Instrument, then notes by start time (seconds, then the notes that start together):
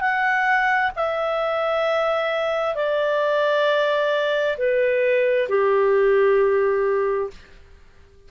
clarinet
0.00 F#5
0.95 E5
2.75 D5
4.57 B4
5.48 G4